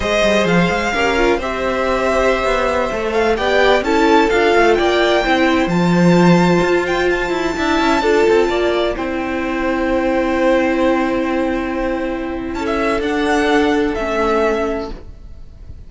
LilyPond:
<<
  \new Staff \with { instrumentName = "violin" } { \time 4/4 \tempo 4 = 129 dis''4 f''2 e''4~ | e''2~ e''8. f''8 g''8.~ | g''16 a''4 f''4 g''4.~ g''16~ | g''16 a''2~ a''8 g''8 a''8.~ |
a''2.~ a''16 g''8.~ | g''1~ | g''2. a''16 e''8. | fis''2 e''2 | }
  \new Staff \with { instrumentName = "violin" } { \time 4/4 c''2 ais'4 c''4~ | c''2.~ c''16 d''8.~ | d''16 a'2 d''4 c''8.~ | c''1~ |
c''16 e''4 a'4 d''4 c''8.~ | c''1~ | c''2. a'4~ | a'1 | }
  \new Staff \with { instrumentName = "viola" } { \time 4/4 gis'2 g'8 f'8 g'4~ | g'2~ g'16 a'4 g'8.~ | g'16 e'4 f'2 e'8.~ | e'16 f'2.~ f'8.~ |
f'16 e'4 f'2 e'8.~ | e'1~ | e'1 | d'2 cis'2 | }
  \new Staff \with { instrumentName = "cello" } { \time 4/4 gis8 g8 f8 gis8 cis'4 c'4~ | c'4~ c'16 b4 a4 b8.~ | b16 cis'4 d'8 a8 ais4 c'8.~ | c'16 f2 f'4. e'16~ |
e'16 d'8 cis'8 d'8 c'8 ais4 c'8.~ | c'1~ | c'2. cis'4 | d'2 a2 | }
>>